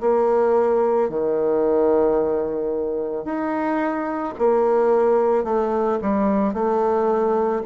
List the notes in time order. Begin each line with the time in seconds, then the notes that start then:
0.00 A#3
1.09 D#3
3.24 D#4
4.38 A#3
5.44 A3
6.01 G3
6.53 A3